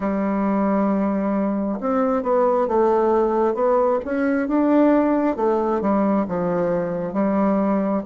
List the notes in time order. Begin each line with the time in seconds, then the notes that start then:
0.00 G3
1.80 C4
2.23 B3
2.67 A3
3.54 B3
4.04 C#4
4.48 D4
5.36 A3
5.81 G3
6.28 F3
7.13 G3